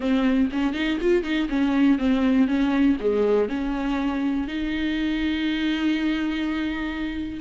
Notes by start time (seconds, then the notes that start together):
0.00 C4
0.52 C#4
0.73 D#4
1.00 F4
1.23 D#4
1.49 C#4
1.98 C4
2.47 C#4
3.00 G#3
3.48 C#4
4.47 D#4